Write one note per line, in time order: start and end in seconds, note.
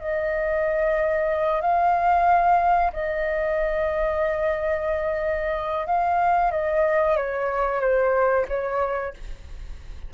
0.00 1.61 D#5
1.61 2.91 F5
2.93 5.86 D#5
5.86 6.51 F5
6.51 7.16 D#5
7.16 7.80 C#5
7.80 8.45 C5
8.48 9.13 C#5